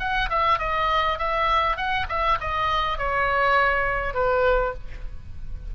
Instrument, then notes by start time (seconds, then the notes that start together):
oboe
0.00 F#5
0.30 E5
0.59 D#5
1.19 E5
1.77 F#5
2.09 E5
2.41 D#5
2.99 C#5
4.14 B4